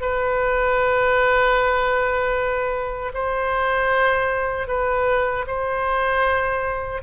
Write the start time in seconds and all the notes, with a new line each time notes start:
0.00 B4
3.13 C5
4.67 B4
5.47 C5